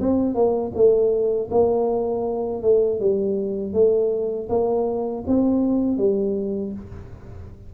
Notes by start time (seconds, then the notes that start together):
0.00 C4
0.34 A#3
0.74 A3
1.50 A#3
2.62 A3
3.00 G3
3.73 A3
4.49 A#3
5.26 C4
5.97 G3